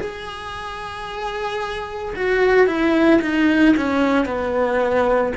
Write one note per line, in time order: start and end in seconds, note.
0.00 2.14 G#4
2.16 2.67 F#4
2.67 3.20 E4
3.21 3.75 D#4
3.77 4.26 C#4
4.26 5.33 B3